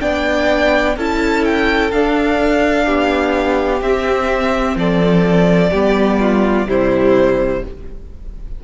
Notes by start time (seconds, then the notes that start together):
0.00 B3 D4 D5 G5
0.96 C#4 E4 A4 A5
1.44 G5
1.91 D4 F5
2.85 B3 G4
3.81 C4 E5
4.76 F3 A4 D5
5.71 G3 B3 G4
6.20 F4
6.65 C3 G3 E4 C5